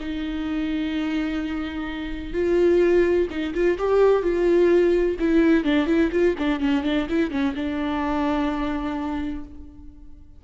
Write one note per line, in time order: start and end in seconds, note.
0.00 2.33 D#4
2.33 3.28 F4
3.30 3.54 D#4
3.54 3.78 F4
3.78 4.22 G4
4.22 5.17 F4
5.19 5.64 E4
5.64 5.86 D4
5.86 6.10 E4
6.12 6.35 F4
6.38 6.60 D4
6.60 6.83 C#4
6.83 7.07 D4
7.09 7.31 E4
7.31 7.54 C#4
7.55 9.44 D4